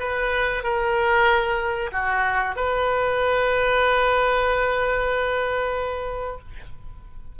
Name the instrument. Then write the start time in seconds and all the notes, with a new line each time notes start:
oboe
0.00 B4
0.64 A#4
1.92 F#4
2.56 B4